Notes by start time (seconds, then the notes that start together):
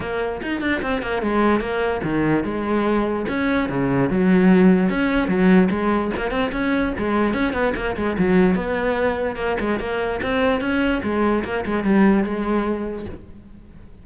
0.00 A#3
0.42 D#4
0.60 D4
0.81 C4
1.02 A#3
1.22 G#3
1.60 A#3
2.03 D#3
2.44 G#3
3.28 C#4
3.69 C#3
4.10 F#3
4.89 C#4
5.28 F#3
5.70 G#3
6.16 A#3
6.30 C4
6.52 C#4
6.98 G#3
7.33 C#4
7.53 B3
7.75 A#3
7.96 G#3
8.18 F#3
8.55 B3
9.36 A#3
9.60 G#3
9.79 A#3
10.22 C4
10.60 C#4
11.03 G#3
11.44 A#3
11.65 G#3
11.83 G3
12.24 G#3